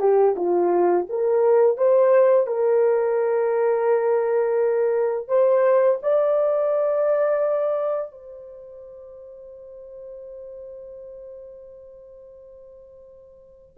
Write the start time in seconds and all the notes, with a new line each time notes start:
0.00 G4
0.36 F4
1.09 A#4
1.77 C5
2.47 A#4
5.28 C5
6.02 D5
8.12 C5